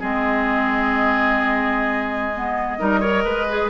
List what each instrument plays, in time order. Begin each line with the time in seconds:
0.00 bassoon G#3, clarinet C4, oboe G#4, flute D#5
2.35 clarinet B3
2.79 bassoon G3, clarinet D#4, oboe A#4
3.01 clarinet A#4, oboe C#5
3.25 bassoon G#3, oboe B4
3.49 clarinet G#4